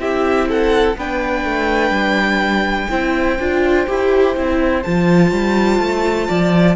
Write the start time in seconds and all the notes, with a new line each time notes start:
0.00 C4 E4 G4 E5
0.49 A4 F#5
0.97 B3 D4 B4 G5
1.45 A3
1.91 G3
2.90 C4 E4 C5
3.39 D4 F4
3.87 E4 G4
4.36 C4 E4
4.83 F3 F4 A5
5.32 G3
5.80 A3
6.28 F3 D5